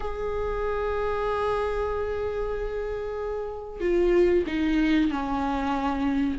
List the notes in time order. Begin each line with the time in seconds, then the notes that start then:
0.00 G#4
3.80 F4
4.47 D#4
5.11 C#4